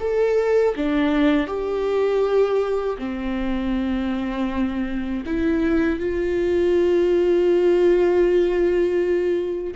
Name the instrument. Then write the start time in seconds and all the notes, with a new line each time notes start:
viola
0.00 A4
0.76 D4
1.47 G4
2.99 C4
5.26 E4
6.00 F4